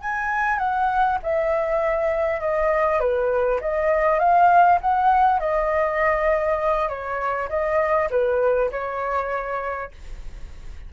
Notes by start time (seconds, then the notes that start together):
0.00 G#5
0.58 F#5
1.22 E5
2.40 D#5
2.99 B4
3.60 D#5
4.19 F5
4.81 F#5
5.39 D#5
6.88 C#5
7.49 D#5
8.10 B4
8.71 C#5